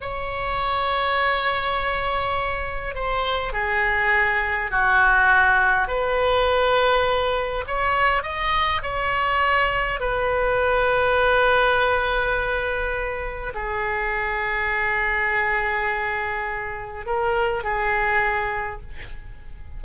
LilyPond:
\new Staff \with { instrumentName = "oboe" } { \time 4/4 \tempo 4 = 102 cis''1~ | cis''4 c''4 gis'2 | fis'2 b'2~ | b'4 cis''4 dis''4 cis''4~ |
cis''4 b'2.~ | b'2. gis'4~ | gis'1~ | gis'4 ais'4 gis'2 | }